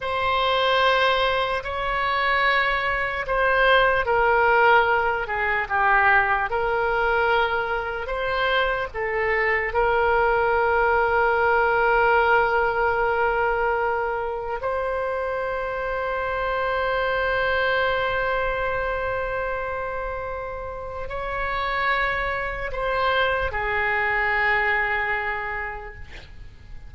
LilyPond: \new Staff \with { instrumentName = "oboe" } { \time 4/4 \tempo 4 = 74 c''2 cis''2 | c''4 ais'4. gis'8 g'4 | ais'2 c''4 a'4 | ais'1~ |
ais'2 c''2~ | c''1~ | c''2 cis''2 | c''4 gis'2. | }